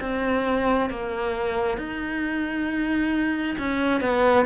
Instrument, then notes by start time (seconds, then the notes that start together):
cello
0.00 C4
0.90 A#3
1.77 D#4
3.58 C#4
4.01 B3